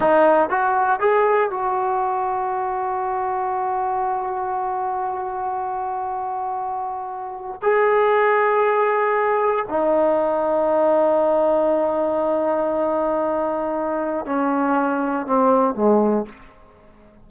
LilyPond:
\new Staff \with { instrumentName = "trombone" } { \time 4/4 \tempo 4 = 118 dis'4 fis'4 gis'4 fis'4~ | fis'1~ | fis'1~ | fis'2. gis'4~ |
gis'2. dis'4~ | dis'1~ | dis'1 | cis'2 c'4 gis4 | }